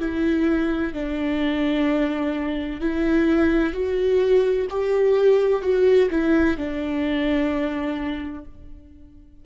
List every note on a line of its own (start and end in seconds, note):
0.00 0.94 E4
0.94 2.81 D4
2.81 3.73 E4
3.73 4.67 F#4
4.70 5.62 G4
5.62 6.09 F#4
6.11 6.58 E4
6.58 8.45 D4